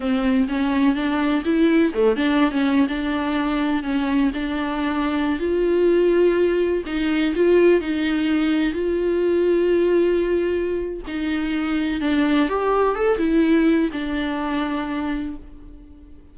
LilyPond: \new Staff \with { instrumentName = "viola" } { \time 4/4 \tempo 4 = 125 c'4 cis'4 d'4 e'4 | a8 d'8. cis'8. d'2 | cis'4 d'2~ d'16 f'8.~ | f'2~ f'16 dis'4 f'8.~ |
f'16 dis'2 f'4.~ f'16~ | f'2. dis'4~ | dis'4 d'4 g'4 a'8 e'8~ | e'4 d'2. | }